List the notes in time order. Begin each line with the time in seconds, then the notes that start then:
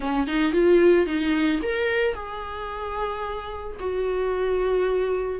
0.00 C#4
0.27 D#4
0.52 F4
1.06 D#4
1.62 A#4
2.14 G#4
3.79 F#4